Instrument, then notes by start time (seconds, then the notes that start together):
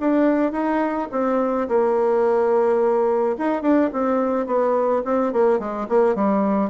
bassoon
0.00 D4
0.52 D#4
1.12 C4
1.68 A#3
3.38 D#4
3.62 D4
3.93 C4
4.47 B3
5.05 C4
5.33 A#3
5.59 G#3
5.89 A#3
6.16 G3